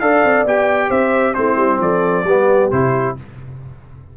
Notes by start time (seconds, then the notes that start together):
0.00 D4 A4 D5 F5
0.24 C4
0.45 B3 G4 G5
0.89 C4 C5 E5
1.34 A3 C4 E4 C5
1.56 G3
1.80 F3 A4 D5
2.25 G3 B3 G4
2.71 C3 E4 C5